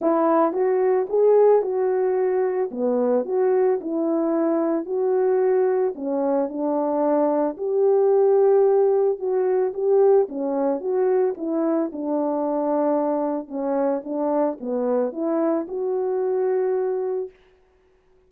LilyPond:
\new Staff \with { instrumentName = "horn" } { \time 4/4 \tempo 4 = 111 e'4 fis'4 gis'4 fis'4~ | fis'4 b4 fis'4 e'4~ | e'4 fis'2 cis'4 | d'2 g'2~ |
g'4 fis'4 g'4 cis'4 | fis'4 e'4 d'2~ | d'4 cis'4 d'4 b4 | e'4 fis'2. | }